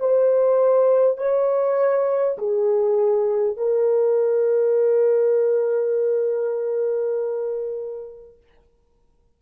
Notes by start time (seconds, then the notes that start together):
0.00 C5
1.18 C#5
2.38 G#4
3.57 A#4